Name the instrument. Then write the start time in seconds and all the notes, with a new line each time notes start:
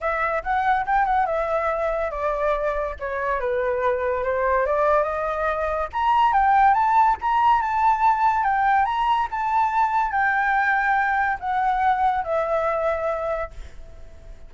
flute
0.00 E5
0.43 F#5
0.86 G5
1.05 F#5
1.26 E5
2.10 D5
2.99 C#5
3.40 B4
4.23 C5
4.65 D5
5.03 D#5
5.92 A#5
6.33 G5
6.74 A5
7.21 A#5
7.61 A5
8.43 G5
8.85 A#5
9.30 A5
10.11 G5
11.40 F#5
12.24 E5